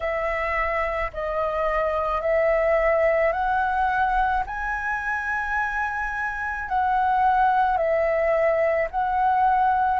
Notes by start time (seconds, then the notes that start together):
0.00 E5
1.13 D#5
2.21 E5
3.32 F#5
4.46 G#5
6.68 F#5
7.77 E5
8.90 F#5